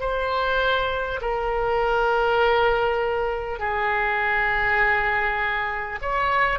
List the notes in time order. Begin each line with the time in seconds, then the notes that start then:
0.00 C5
1.21 A#4
3.59 G#4
6.02 C#5